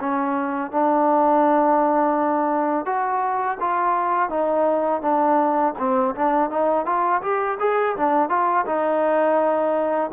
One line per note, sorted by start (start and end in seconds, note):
0.00 0.71 C#4
0.71 2.85 D4
2.85 3.58 F#4
3.60 4.29 F4
4.29 5.01 D#4
5.01 5.74 D4
5.78 6.14 C4
6.15 6.50 D4
6.50 6.85 D#4
6.85 7.22 F4
7.22 7.58 G4
7.59 7.96 G#4
7.96 8.29 D4
8.29 8.65 F4
8.66 10.10 D#4